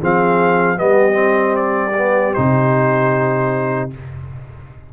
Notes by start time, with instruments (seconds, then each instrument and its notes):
0.00 tuba F3, trombone C4, horn G#4, trumpet F5
0.77 tuba G3, trombone B3, horn G4, trumpet D#5
1.13 trombone C4
1.56 trumpet D5
1.97 trombone B3
2.34 tuba C3, trombone D#4, trumpet C5